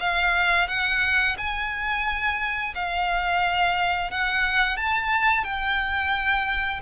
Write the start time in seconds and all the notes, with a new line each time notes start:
0.00 F5
0.68 F#5
1.38 G#5
2.75 F5
4.11 F#5
4.77 A5
5.44 G5